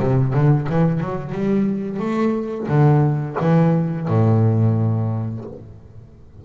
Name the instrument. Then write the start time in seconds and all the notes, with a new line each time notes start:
double bass
0.00 C3
0.34 D3
0.70 E3
1.01 F#3
1.33 G3
2.00 A3
2.68 D3
3.41 E3
4.09 A2